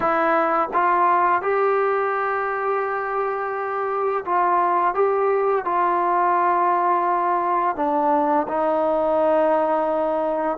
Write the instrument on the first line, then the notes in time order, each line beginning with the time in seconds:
trombone
0.00 E4
0.73 F4
1.41 G4
4.25 F4
4.94 G4
5.65 F4
7.76 D4
8.48 D#4